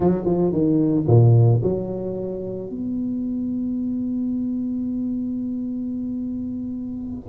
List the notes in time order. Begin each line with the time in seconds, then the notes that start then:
0.00 F#3
0.25 F3
0.52 D#3
1.07 A#2
1.62 F#3
2.69 B3